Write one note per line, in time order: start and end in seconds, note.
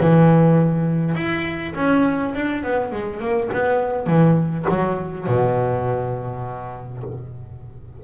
0.00 1.15 E3
1.15 1.74 E4
1.75 2.34 C#4
2.34 2.63 D4
2.63 2.92 B3
2.92 3.20 G#3
3.20 3.49 A#3
3.53 4.06 B3
4.06 4.65 E3
4.69 5.27 F#3
5.27 7.03 B2